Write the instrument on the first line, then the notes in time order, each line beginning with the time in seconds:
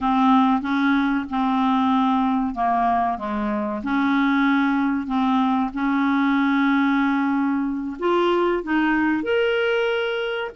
clarinet
0.00 C4
0.61 C#4
1.29 C4
2.54 A#3
3.17 G#3
3.83 C#4
5.06 C4
5.73 C#4
7.99 F4
8.63 D#4
9.23 A#4